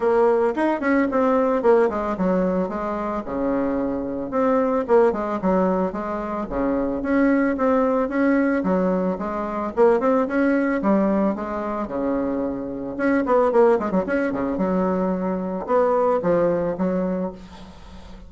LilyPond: \new Staff \with { instrumentName = "bassoon" } { \time 4/4 \tempo 4 = 111 ais4 dis'8 cis'8 c'4 ais8 gis8 | fis4 gis4 cis2 | c'4 ais8 gis8 fis4 gis4 | cis4 cis'4 c'4 cis'4 |
fis4 gis4 ais8 c'8 cis'4 | g4 gis4 cis2 | cis'8 b8 ais8 gis16 fis16 cis'8 cis8 fis4~ | fis4 b4 f4 fis4 | }